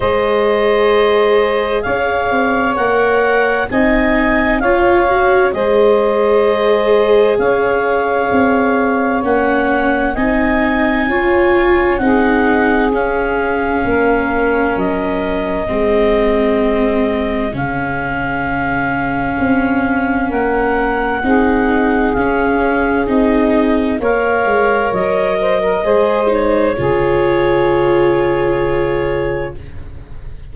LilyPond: <<
  \new Staff \with { instrumentName = "clarinet" } { \time 4/4 \tempo 4 = 65 dis''2 f''4 fis''4 | gis''4 f''4 dis''2 | f''2 fis''4 gis''4~ | gis''4 fis''4 f''2 |
dis''2. f''4~ | f''2 fis''2 | f''4 dis''4 f''4 dis''4~ | dis''8 cis''2.~ cis''8 | }
  \new Staff \with { instrumentName = "saxophone" } { \time 4/4 c''2 cis''2 | dis''4 cis''4 c''2 | cis''2. dis''4 | cis''4 gis'2 ais'4~ |
ais'4 gis'2.~ | gis'2 ais'4 gis'4~ | gis'2 cis''4. c''16 ais'16 | c''4 gis'2. | }
  \new Staff \with { instrumentName = "viola" } { \time 4/4 gis'2. ais'4 | dis'4 f'8 fis'8 gis'2~ | gis'2 cis'4 dis'4 | f'4 dis'4 cis'2~ |
cis'4 c'2 cis'4~ | cis'2. dis'4 | cis'4 dis'4 ais'2 | gis'8 dis'8 f'2. | }
  \new Staff \with { instrumentName = "tuba" } { \time 4/4 gis2 cis'8 c'8 ais4 | c'4 cis'4 gis2 | cis'4 c'4 ais4 c'4 | cis'4 c'4 cis'4 ais4 |
fis4 gis2 cis4~ | cis4 c'4 ais4 c'4 | cis'4 c'4 ais8 gis8 fis4 | gis4 cis2. | }
>>